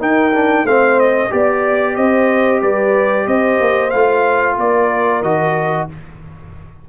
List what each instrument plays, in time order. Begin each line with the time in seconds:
0.00 trombone D#4, tuba D#4, horn A#4, trumpet G5
0.34 trombone D4
0.64 tuba A3, trombone C4, horn C5, trumpet F5
1.00 trumpet D#5
1.30 tuba B3, trombone G4, horn D5, trumpet D5
1.96 tuba C4, horn C5, trumpet D#5
2.62 tuba G3, horn B4, trumpet D5
3.26 tuba C4, horn C5, trumpet D#5
3.61 tuba A#3
3.91 tuba A3, trombone F4, trumpet F5
4.58 tuba A#3, horn A#4, trumpet D5
5.22 tuba D#3, trombone F#4, trumpet D#5